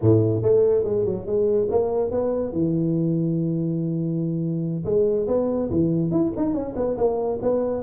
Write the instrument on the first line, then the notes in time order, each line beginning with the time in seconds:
tuba
0.01 A2
0.42 A3
0.84 G#3
1.05 F#3
1.26 G#3
1.70 A#3
2.10 B3
2.52 E3
4.85 G#3
5.27 B3
5.70 E3
6.11 E4
6.36 D#4
6.53 C#4
6.75 B3
6.97 A#3
7.42 B3